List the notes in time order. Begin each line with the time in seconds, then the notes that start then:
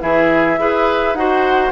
0.00 E3 E4 G#4 E5
0.57 E4 G#4 B4
1.14 D#4 F#4 C5 F#5